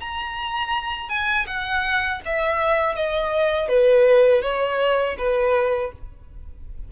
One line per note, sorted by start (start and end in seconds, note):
0.00 1.09 A#5
1.09 1.46 G#5
1.47 2.21 F#5
2.25 2.95 E5
2.95 3.69 D#5
3.69 4.42 B4
4.42 5.16 C#5
5.18 5.92 B4